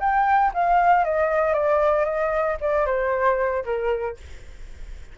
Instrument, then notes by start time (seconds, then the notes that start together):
flute
0.00 G5
0.54 F5
1.05 D#5
1.54 D5
2.05 D#5
2.61 D5
2.86 C5
3.65 A#4